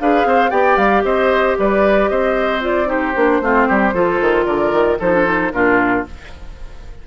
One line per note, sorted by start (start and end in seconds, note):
0.00 0.25 D4
0.00 0.50 G#4
0.00 0.27 B4
0.00 0.51 F5
0.25 0.51 C4
0.25 0.51 C5
0.50 0.77 B3
0.50 2.61 G4
0.50 1.03 D5
0.50 0.77 G5
0.77 1.03 G3
0.77 1.04 F5
1.04 1.57 C4
1.04 1.57 C5
1.04 1.57 D#5
1.59 2.10 G3
1.59 2.11 B4
1.59 2.09 D5
2.09 3.15 C4
2.09 2.88 C5
2.09 2.61 D#5
2.61 2.86 F4
2.61 2.90 D5
2.86 3.12 D#4
2.86 3.41 G4
2.86 4.45 C5
3.16 3.41 A#3
3.16 3.42 D4
3.41 3.67 A3
3.41 3.94 C4
3.41 3.68 F4
3.68 3.94 G3
3.68 3.94 G4
3.94 4.20 F3
3.94 5.00 F4
3.94 4.46 A4
4.21 4.47 D#3
4.45 4.72 D3
4.45 4.98 A#4
4.45 4.97 D5
4.72 4.99 D#3
5.00 5.53 F3
5.00 5.13 D#4
5.00 5.52 A4
5.00 5.52 C5
5.13 5.25 D4
5.25 5.51 D#4
5.52 6.06 A#2
5.52 6.06 D4
5.52 6.07 F4
5.52 6.05 A#4